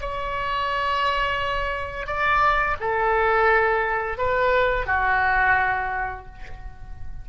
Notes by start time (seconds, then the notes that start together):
0.00 C#5
2.06 D5
2.80 A4
4.17 B4
4.86 F#4